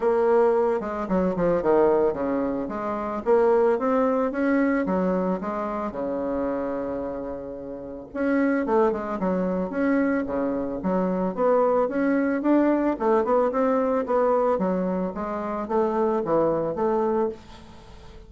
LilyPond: \new Staff \with { instrumentName = "bassoon" } { \time 4/4 \tempo 4 = 111 ais4. gis8 fis8 f8 dis4 | cis4 gis4 ais4 c'4 | cis'4 fis4 gis4 cis4~ | cis2. cis'4 |
a8 gis8 fis4 cis'4 cis4 | fis4 b4 cis'4 d'4 | a8 b8 c'4 b4 fis4 | gis4 a4 e4 a4 | }